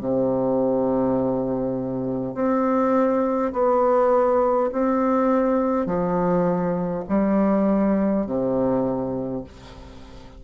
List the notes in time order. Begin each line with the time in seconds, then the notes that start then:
0.00 C3
2.34 C4
3.52 B3
4.72 C4
5.86 F3
7.08 G3
8.26 C3